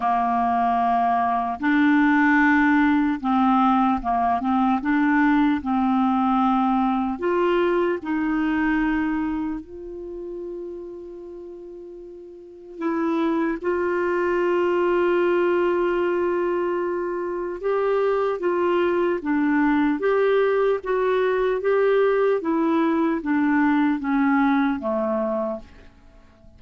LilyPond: \new Staff \with { instrumentName = "clarinet" } { \time 4/4 \tempo 4 = 75 ais2 d'2 | c'4 ais8 c'8 d'4 c'4~ | c'4 f'4 dis'2 | f'1 |
e'4 f'2.~ | f'2 g'4 f'4 | d'4 g'4 fis'4 g'4 | e'4 d'4 cis'4 a4 | }